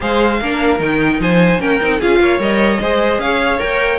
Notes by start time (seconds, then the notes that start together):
0.00 G#3 G#4 C5 F5
0.40 A#3 D4 A#4
0.79 D#3 D#4 G5
1.19 F3 C5 G#5
1.59 A#3 C#4 A#4 G5
1.81 C4 D#4
1.99 C#4 F4 G#4 F5
2.19 A#3 C#5
2.39 G3 A#4 D#5
2.80 G#3 G#4 C5
3.18 C#4 C#5 F5
3.58 A#3 A#4 G5